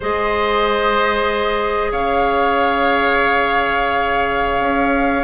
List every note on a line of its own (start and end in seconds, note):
0.00 1.92 G#3
0.00 5.24 G#4
0.00 1.91 C5
0.00 1.92 D#5
1.91 4.59 C#3
1.91 5.24 C#5
1.91 5.24 F5
4.59 5.23 C#4